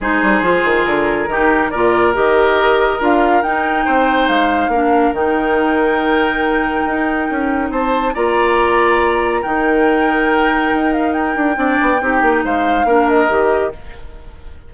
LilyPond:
<<
  \new Staff \with { instrumentName = "flute" } { \time 4/4 \tempo 4 = 140 c''2 ais'2 | d''4 dis''2 f''4 | g''2 f''2 | g''1~ |
g''2 a''4 ais''4~ | ais''2 g''2~ | g''4. f''8 g''2~ | g''4 f''4. dis''4. | }
  \new Staff \with { instrumentName = "oboe" } { \time 4/4 gis'2. g'4 | ais'1~ | ais'4 c''2 ais'4~ | ais'1~ |
ais'2 c''4 d''4~ | d''2 ais'2~ | ais'2. d''4 | g'4 c''4 ais'2 | }
  \new Staff \with { instrumentName = "clarinet" } { \time 4/4 dis'4 f'2 dis'4 | f'4 g'2 f'4 | dis'2. d'4 | dis'1~ |
dis'2. f'4~ | f'2 dis'2~ | dis'2. d'4 | dis'2 d'4 g'4 | }
  \new Staff \with { instrumentName = "bassoon" } { \time 4/4 gis8 g8 f8 dis8 d4 dis4 | ais,4 dis2 d'4 | dis'4 c'4 gis4 ais4 | dis1 |
dis'4 cis'4 c'4 ais4~ | ais2 dis2~ | dis4 dis'4. d'8 c'8 b8 | c'8 ais8 gis4 ais4 dis4 | }
>>